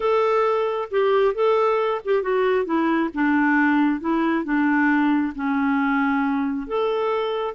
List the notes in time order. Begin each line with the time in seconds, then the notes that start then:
0.00 A4
0.91 G4
1.34 A4
2.04 G4
2.22 F#4
2.65 E4
3.14 D4
4.00 E4
4.44 D4
5.35 C#4
6.67 A4